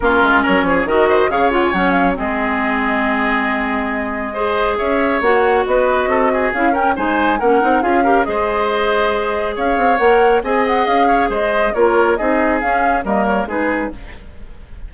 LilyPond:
<<
  \new Staff \with { instrumentName = "flute" } { \time 4/4 \tempo 4 = 138 ais'4 cis''4 dis''4 f''8 fis''16 gis''16 | fis''8 f''8 dis''2.~ | dis''2. e''4 | fis''4 dis''2 f''8 g''8 |
gis''4 fis''4 f''4 dis''4~ | dis''2 f''4 fis''4 | gis''8 fis''8 f''4 dis''4 cis''4 | dis''4 f''4 dis''8 cis''8 b'4 | }
  \new Staff \with { instrumentName = "oboe" } { \time 4/4 f'4 ais'8 gis'8 ais'8 c''8 cis''4~ | cis''4 gis'2.~ | gis'2 c''4 cis''4~ | cis''4 b'4 a'8 gis'4 ais'8 |
c''4 ais'4 gis'8 ais'8 c''4~ | c''2 cis''2 | dis''4. cis''8 c''4 ais'4 | gis'2 ais'4 gis'4 | }
  \new Staff \with { instrumentName = "clarinet" } { \time 4/4 cis'2 fis'4 gis'8 f'8 | cis'4 c'2.~ | c'2 gis'2 | fis'2. e'8 cis'8 |
dis'4 cis'8 dis'8 f'8 g'8 gis'4~ | gis'2. ais'4 | gis'2. f'4 | dis'4 cis'4 ais4 dis'4 | }
  \new Staff \with { instrumentName = "bassoon" } { \time 4/4 ais8 gis8 fis8 f8 dis4 cis4 | fis4 gis2.~ | gis2. cis'4 | ais4 b4 c'4 cis'4 |
gis4 ais8 c'8 cis'4 gis4~ | gis2 cis'8 c'8 ais4 | c'4 cis'4 gis4 ais4 | c'4 cis'4 g4 gis4 | }
>>